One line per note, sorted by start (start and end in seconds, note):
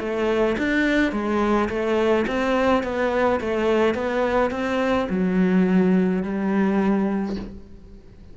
0.00 0.57 A3
0.58 1.12 D4
1.12 1.69 G#3
1.70 2.26 A3
2.28 2.84 C4
2.84 3.40 B3
3.41 3.95 A3
3.95 4.51 B3
4.51 5.08 C4
5.10 6.23 F#3
6.23 7.36 G3